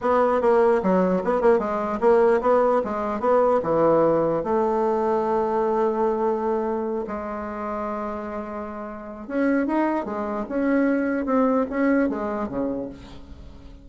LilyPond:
\new Staff \with { instrumentName = "bassoon" } { \time 4/4 \tempo 4 = 149 b4 ais4 fis4 b8 ais8 | gis4 ais4 b4 gis4 | b4 e2 a4~ | a1~ |
a4. gis2~ gis8~ | gis2. cis'4 | dis'4 gis4 cis'2 | c'4 cis'4 gis4 cis4 | }